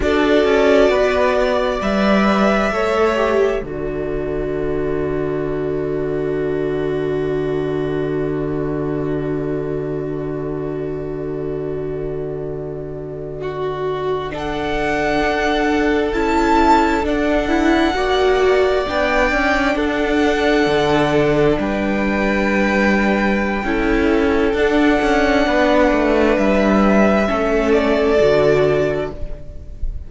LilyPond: <<
  \new Staff \with { instrumentName = "violin" } { \time 4/4 \tempo 4 = 66 d''2 e''2 | d''1~ | d''1~ | d''2.~ d''8. fis''16~ |
fis''4.~ fis''16 a''4 fis''4~ fis''16~ | fis''8. g''4 fis''2 g''16~ | g''2. fis''4~ | fis''4 e''4. d''4. | }
  \new Staff \with { instrumentName = "violin" } { \time 4/4 a'4 b'8 d''4. cis''4 | a'1~ | a'1~ | a'2~ a'8. fis'4 a'16~ |
a'2.~ a'8. d''16~ | d''4.~ d''16 a'2 b'16~ | b'2 a'2 | b'2 a'2 | }
  \new Staff \with { instrumentName = "viola" } { \time 4/4 fis'2 b'4 a'8 g'8 | fis'1~ | fis'1~ | fis'2.~ fis'8. d'16~ |
d'4.~ d'16 e'4 d'8 e'8 fis'16~ | fis'8. d'2.~ d'16~ | d'2 e'4 d'4~ | d'2 cis'4 fis'4 | }
  \new Staff \with { instrumentName = "cello" } { \time 4/4 d'8 cis'8 b4 g4 a4 | d1~ | d1~ | d1~ |
d8. d'4 cis'4 d'4 ais16~ | ais8. b8 cis'8 d'4 d4 g16~ | g2 cis'4 d'8 cis'8 | b8 a8 g4 a4 d4 | }
>>